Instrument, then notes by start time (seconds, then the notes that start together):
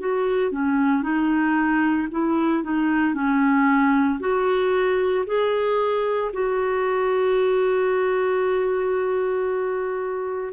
clarinet
0.00 F#4
0.52 C#4
1.03 D#4
2.11 E4
2.64 D#4
3.14 C#4
4.20 F#4
5.26 G#4
6.33 F#4